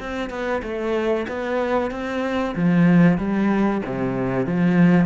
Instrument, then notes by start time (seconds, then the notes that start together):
cello
0.00 C4
0.30 B3
0.63 A3
1.28 B3
1.91 C4
2.56 F3
3.18 G3
3.86 C3
4.47 F3